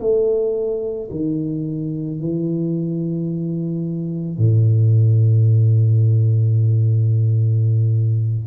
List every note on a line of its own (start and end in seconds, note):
0.00 1.09 A3
1.11 2.20 D#3
2.20 4.38 E3
4.38 8.46 A2